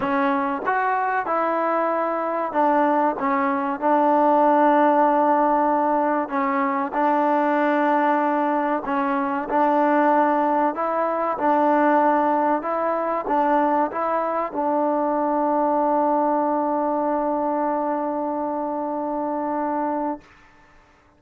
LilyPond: \new Staff \with { instrumentName = "trombone" } { \time 4/4 \tempo 4 = 95 cis'4 fis'4 e'2 | d'4 cis'4 d'2~ | d'2 cis'4 d'4~ | d'2 cis'4 d'4~ |
d'4 e'4 d'2 | e'4 d'4 e'4 d'4~ | d'1~ | d'1 | }